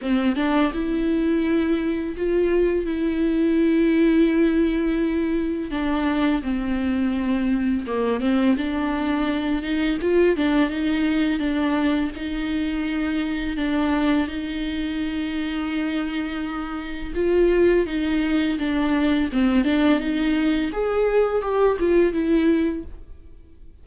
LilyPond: \new Staff \with { instrumentName = "viola" } { \time 4/4 \tempo 4 = 84 c'8 d'8 e'2 f'4 | e'1 | d'4 c'2 ais8 c'8 | d'4. dis'8 f'8 d'8 dis'4 |
d'4 dis'2 d'4 | dis'1 | f'4 dis'4 d'4 c'8 d'8 | dis'4 gis'4 g'8 f'8 e'4 | }